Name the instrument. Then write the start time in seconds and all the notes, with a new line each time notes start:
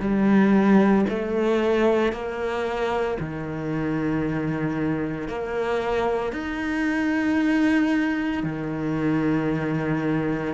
cello
0.00 G3
1.09 A3
2.12 A#3
3.20 D#3
5.28 A#3
6.33 D#4
8.44 D#3